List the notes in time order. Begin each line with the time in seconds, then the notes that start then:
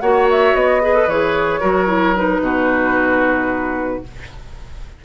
0.00 A#3 F#4 C#5 F#5
0.30 E5
0.53 B3 D#5
0.81 G#4 B4
0.93 A4
1.07 E3 G#4 C#5
1.60 F#3 F#4 A#4
1.87 E4
2.15 D#4 B4
2.40 B2 F#4